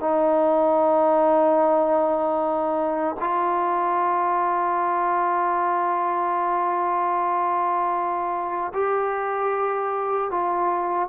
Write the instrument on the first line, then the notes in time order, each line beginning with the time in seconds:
trombone
0.00 D#4
3.20 F4
8.74 G4
10.31 F4